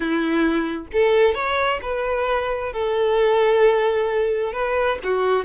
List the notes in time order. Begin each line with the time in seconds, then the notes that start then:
0.00 E4
0.92 A4
1.34 C#5
1.82 B4
2.72 A4
4.52 B4
5.03 F#4